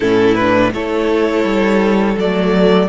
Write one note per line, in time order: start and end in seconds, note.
0.00 0.73 A2
0.00 0.37 C#4
0.00 0.71 E4
0.00 0.34 A4
0.34 0.73 D4
0.34 0.70 B4
0.73 1.44 A3
0.73 2.17 E4
0.73 2.88 A4
0.73 2.18 C#5
1.44 2.16 G3
2.17 2.88 F#3
2.17 2.88 A3
2.17 2.88 D5